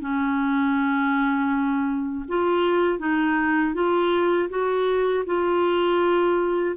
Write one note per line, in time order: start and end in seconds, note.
0.00 2.25 C#4
2.28 2.99 F4
2.99 3.74 D#4
3.74 4.49 F4
4.49 5.24 F#4
5.25 6.75 F4